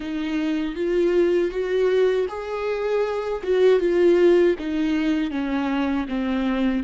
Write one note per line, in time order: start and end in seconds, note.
0.00 0.75 D#4
0.75 1.51 F4
1.51 2.26 F#4
2.28 3.42 G#4
3.43 3.79 F#4
3.79 4.55 F4
4.58 5.30 D#4
5.30 6.06 C#4
6.08 6.83 C4